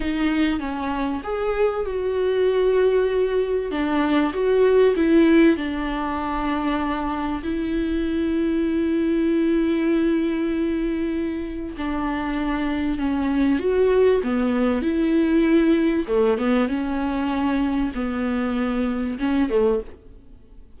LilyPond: \new Staff \with { instrumentName = "viola" } { \time 4/4 \tempo 4 = 97 dis'4 cis'4 gis'4 fis'4~ | fis'2 d'4 fis'4 | e'4 d'2. | e'1~ |
e'2. d'4~ | d'4 cis'4 fis'4 b4 | e'2 a8 b8 cis'4~ | cis'4 b2 cis'8 a8 | }